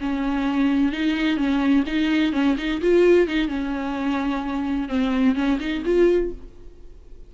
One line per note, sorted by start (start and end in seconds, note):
0.00 0.93 C#4
0.93 1.37 D#4
1.37 1.84 C#4
1.87 2.33 D#4
2.33 2.56 C#4
2.58 2.81 D#4
2.82 3.28 F4
3.28 3.48 D#4
3.48 4.89 C#4
4.89 5.36 C4
5.36 5.59 C#4
5.60 5.83 D#4
5.86 6.32 F4